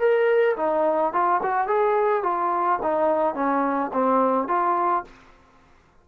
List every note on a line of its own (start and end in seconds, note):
0.00 0.56 A#4
0.57 1.13 D#4
1.13 1.41 F4
1.43 1.68 F#4
1.68 2.24 G#4
2.24 2.80 F4
2.83 3.35 D#4
3.35 3.91 C#4
3.93 4.48 C4
4.48 5.04 F4